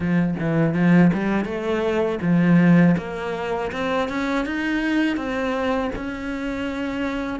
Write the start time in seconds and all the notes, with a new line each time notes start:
0.00 F3
0.39 E3
0.74 F3
1.13 G3
1.44 A3
2.21 F3
2.97 A#3
3.71 C4
4.08 C#4
4.45 D#4
5.16 C4
5.95 C#4